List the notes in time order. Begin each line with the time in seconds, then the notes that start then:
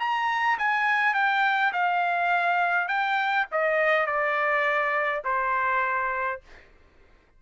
0.00 A#5
0.59 G#5
1.14 G5
1.73 F5
2.88 G5
3.52 D#5
4.06 D5
5.25 C5